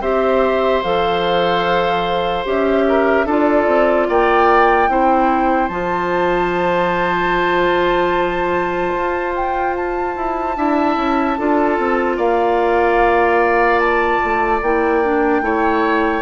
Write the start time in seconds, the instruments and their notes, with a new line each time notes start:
0.00 bassoon C4, clarinet G4, oboe C5, flute E5
0.83 bassoon F3, clarinet A4, flute F5
2.44 bassoon C#4, clarinet G4, flute E5
2.87 oboe A#4
3.25 bassoon D4, clarinet F4, oboe A4, flute D5
3.66 bassoon C4
4.08 bassoon A#3, oboe D5, flute G5
4.88 bassoon C4, clarinet E4, oboe C5
5.68 bassoon F3, clarinet F4, flute A5
8.94 bassoon F4
9.35 flute G5
9.76 flute A5
10.16 bassoon E4
10.56 bassoon D4, clarinet E4, oboe E5
10.96 bassoon C#4
11.38 bassoon D4, clarinet F4, oboe A4
11.78 bassoon C4
12.17 bassoon A#3, oboe D5, flute F5
13.79 flute A5
14.24 bassoon A3
14.61 bassoon A#3, clarinet E4, flute G5
15.04 clarinet D4
15.41 bassoon A3, clarinet E4, oboe C#5